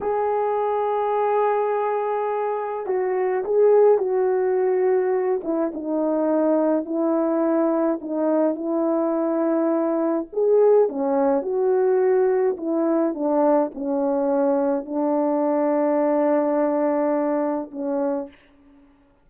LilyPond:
\new Staff \with { instrumentName = "horn" } { \time 4/4 \tempo 4 = 105 gis'1~ | gis'4 fis'4 gis'4 fis'4~ | fis'4. e'8 dis'2 | e'2 dis'4 e'4~ |
e'2 gis'4 cis'4 | fis'2 e'4 d'4 | cis'2 d'2~ | d'2. cis'4 | }